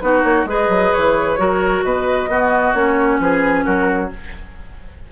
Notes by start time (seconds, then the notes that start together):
0.00 B3 D#4 F#4 B4
0.23 A#3 C#5
0.45 G#3 G#4 B4 D#5
0.69 F#3
0.93 E3 C#5
1.38 F#3 F#4 A#4
1.83 B2 B4 D#5
2.27 B3 F#4
2.74 A#3 C#4 C#5
3.19 F3 G#4 B4
3.65 F#3 F#4 A#4